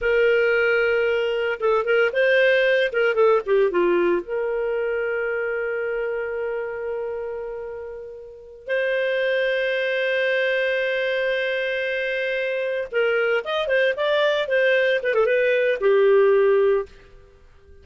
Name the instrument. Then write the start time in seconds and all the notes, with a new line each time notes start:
clarinet
0.01 A#4
1.60 A4
1.84 A#4
2.12 C5
2.92 A#4
3.14 A4
3.45 G4
3.70 F4
4.22 A#4
8.67 C5
12.91 A#4
13.44 D#5
13.67 C5
13.96 D5
14.47 C5
15.03 B4
15.14 A4
15.26 B4
15.80 G4